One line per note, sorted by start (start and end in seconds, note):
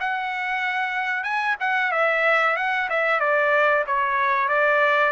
0.00 1.23 F#5
1.23 1.55 G#5
1.60 1.91 F#5
1.91 2.56 E5
2.56 2.88 F#5
2.89 3.20 E5
3.20 3.84 D5
3.86 4.48 C#5
4.48 5.12 D5